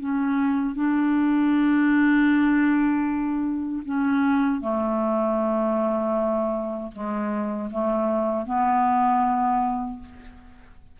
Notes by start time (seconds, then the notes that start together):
0.00 C#4
0.76 D4
3.86 C#4
4.61 A3
6.93 G#3
7.71 A3
8.46 B3